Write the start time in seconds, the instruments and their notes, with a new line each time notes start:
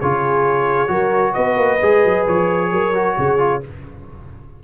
0.00 tuba C#3, trombone F4, horn G#4, trumpet C#5
0.87 tuba F#3, trombone F#4, horn A#4
1.33 tuba B3, horn B4, trumpet D#5
1.57 tuba A#3
1.82 tuba G#3, trombone G#4
2.04 tuba F#3
2.27 tuba F3, trumpet C#5
2.72 tuba F#3, horn A#4
2.94 trombone F#4
3.17 tuba C#3, horn G#4
3.38 trombone F4